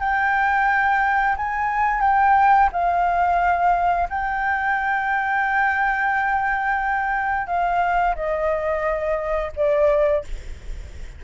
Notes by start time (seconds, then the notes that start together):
0.00 G5
1.37 G#5
2.01 G5
2.72 F5
4.10 G5
7.47 F5
8.15 D#5
9.56 D5